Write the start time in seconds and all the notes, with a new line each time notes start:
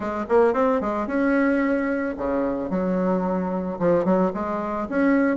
0.00 G#3
0.28 A#3
0.53 C4
0.80 G#3
1.07 C#4
2.17 C#3
2.70 F#3
3.79 F3
4.04 F#3
4.34 G#3
4.89 C#4